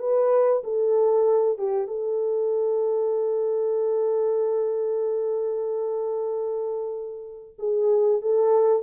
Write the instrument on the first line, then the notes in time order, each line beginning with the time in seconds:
horn
0.00 B4
0.64 A4
1.58 G4
1.88 A4
7.59 G#4
8.22 A4